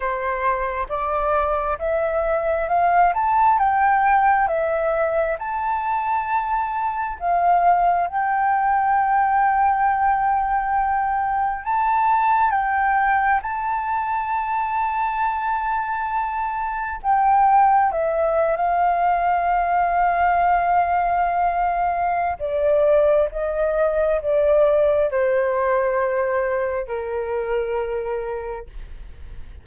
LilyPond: \new Staff \with { instrumentName = "flute" } { \time 4/4 \tempo 4 = 67 c''4 d''4 e''4 f''8 a''8 | g''4 e''4 a''2 | f''4 g''2.~ | g''4 a''4 g''4 a''4~ |
a''2. g''4 | e''8. f''2.~ f''16~ | f''4 d''4 dis''4 d''4 | c''2 ais'2 | }